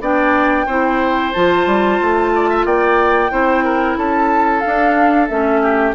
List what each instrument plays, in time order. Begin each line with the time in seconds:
0.00 bassoon B3, clarinet D4, oboe D5, flute G5
0.66 bassoon C4, clarinet E4, oboe C5
1.33 bassoon F3, clarinet F4, flute A5
1.66 bassoon G3
2.01 bassoon A3
2.35 oboe D5
2.49 oboe E5
2.65 bassoon A#3, oboe D5, flute G5
3.30 bassoon C4, clarinet E4, oboe C5
3.64 oboe A#4
3.97 bassoon C#4, oboe A4, flute A5
4.60 clarinet D4, flute F5
4.66 bassoon D4
5.27 bassoon A3, clarinet C#4, flute E5
5.62 oboe G4